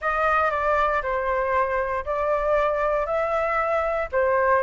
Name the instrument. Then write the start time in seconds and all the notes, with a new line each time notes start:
flute
0.01 D#5
0.50 D5
1.02 C5
2.05 D5
3.05 E5
4.12 C5